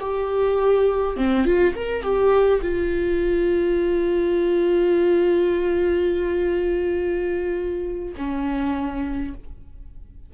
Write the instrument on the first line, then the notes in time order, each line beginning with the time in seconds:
viola
0.00 G4
1.17 C4
1.45 F4
1.75 A#4
2.03 G4
2.61 F4
8.17 C#4